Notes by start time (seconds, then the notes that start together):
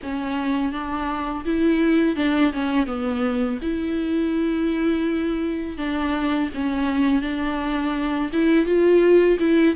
0.02 C#4
0.72 D4
1.45 E4
2.16 D4
2.53 C#4
2.86 B3
3.61 E4
5.77 D4
6.54 C#4
7.21 D4
8.32 E4
8.65 F4
9.39 E4